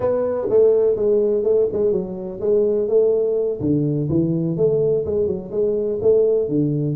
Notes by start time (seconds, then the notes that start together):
0.00 B3
0.49 A3
0.96 G#3
1.43 A3
1.72 G#3
1.92 F#3
2.40 G#3
2.88 A3
3.60 D3
4.09 E3
4.56 A3
5.05 G#3
5.26 F#3
5.51 G#3
6.01 A3
6.48 D3